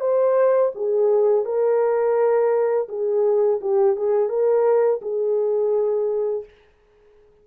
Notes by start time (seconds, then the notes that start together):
0.00 C5
0.75 G#4
1.45 A#4
2.88 G#4
3.61 G4
3.96 G#4
4.29 A#4
5.02 G#4